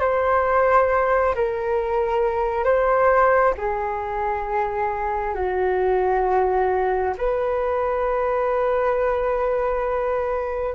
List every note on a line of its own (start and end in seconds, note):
0.00 1.34 C5
1.35 2.64 A#4
2.64 3.54 C5
3.57 5.34 G#4
5.34 7.14 F#4
7.18 10.75 B4